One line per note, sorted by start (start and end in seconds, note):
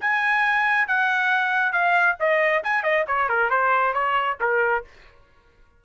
0.00 0.87 G#5
0.87 1.72 F#5
1.72 2.16 F5
2.19 2.63 D#5
2.64 2.83 G#5
2.83 3.05 D#5
3.07 3.29 C#5
3.29 3.50 A#4
3.50 3.93 C5
3.93 4.37 C#5
4.40 4.84 A#4